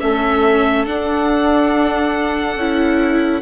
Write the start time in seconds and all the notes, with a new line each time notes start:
0.00 A3 C#4 A4 E5
0.86 D4 F#5
2.56 C#4 E4